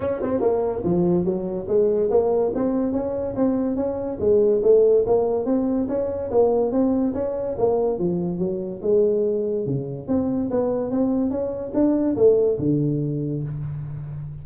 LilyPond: \new Staff \with { instrumentName = "tuba" } { \time 4/4 \tempo 4 = 143 cis'8 c'8 ais4 f4 fis4 | gis4 ais4 c'4 cis'4 | c'4 cis'4 gis4 a4 | ais4 c'4 cis'4 ais4 |
c'4 cis'4 ais4 f4 | fis4 gis2 cis4 | c'4 b4 c'4 cis'4 | d'4 a4 d2 | }